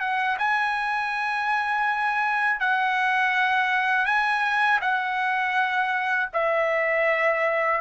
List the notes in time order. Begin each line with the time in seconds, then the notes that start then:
0.00 F#5
0.38 G#5
2.60 F#5
4.05 G#5
4.81 F#5
6.33 E5